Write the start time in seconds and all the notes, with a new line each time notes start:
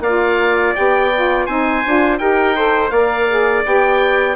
0.00 A#3 F4 D5 F5
0.75 B3 G4 G5
1.15 F4
1.45 C4 D#4 C5 G#5
1.86 D4 F4
2.18 D#4 G4 A#4 G5
2.55 A4 C5
2.90 A#3 A#4 D5 F5
3.29 G#4
3.64 B3 G4 G5